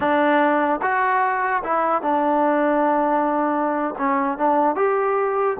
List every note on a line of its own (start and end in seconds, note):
0.00 0.80 D4
0.81 1.63 F#4
1.63 2.02 E4
2.02 3.94 D4
3.97 4.37 C#4
4.37 4.75 D4
4.75 5.56 G4